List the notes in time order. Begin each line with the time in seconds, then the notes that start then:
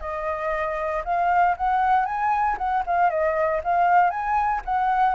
0.00 D#5
1.04 F5
1.57 F#5
2.05 G#5
2.58 F#5
2.86 F5
3.10 D#5
3.63 F5
4.10 G#5
4.65 F#5